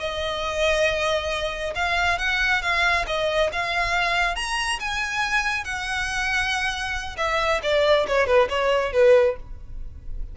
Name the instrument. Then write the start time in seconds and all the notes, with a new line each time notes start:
violin
0.00 D#5
1.76 F5
2.19 F#5
2.62 F5
3.08 D#5
3.53 F5
4.36 A#5
4.80 G#5
5.65 F#5
7.18 E5
7.63 D5
8.08 C#5
8.27 B4
8.50 C#5
8.93 B4